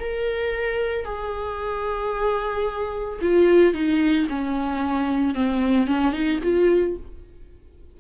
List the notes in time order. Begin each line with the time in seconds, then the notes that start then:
0.00 A#4
1.05 G#4
3.21 F4
3.74 D#4
4.29 C#4
5.34 C4
5.87 C#4
6.12 D#4
6.43 F4